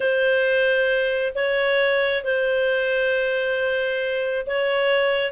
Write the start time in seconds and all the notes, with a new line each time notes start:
0.00 C5
1.35 C#5
2.23 C5
4.46 C#5